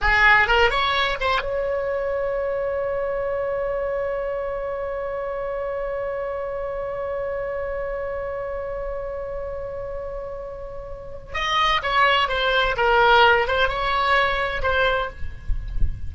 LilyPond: \new Staff \with { instrumentName = "oboe" } { \time 4/4 \tempo 4 = 127 gis'4 ais'8 cis''4 c''8 cis''4~ | cis''1~ | cis''1~ | cis''1~ |
cis''1~ | cis''1 | dis''4 cis''4 c''4 ais'4~ | ais'8 c''8 cis''2 c''4 | }